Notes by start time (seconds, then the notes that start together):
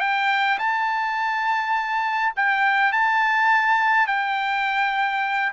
0.00 G5
0.59 A5
2.36 G5
2.92 A5
4.07 G5